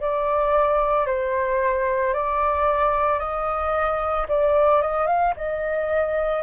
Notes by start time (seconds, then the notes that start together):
0.00 D5
1.06 C5
2.13 D5
3.19 D#5
4.28 D5
4.81 D#5
5.06 F5
5.36 D#5